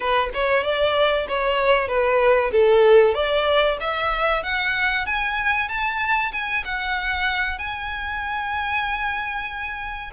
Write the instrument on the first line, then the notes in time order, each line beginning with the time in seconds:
violin
0.00 B4
0.34 C#5
0.63 D5
1.28 C#5
1.88 B4
2.51 A4
3.14 D5
3.80 E5
4.43 F#5
5.06 G#5
5.68 A5
6.32 G#5
6.64 F#5
7.58 G#5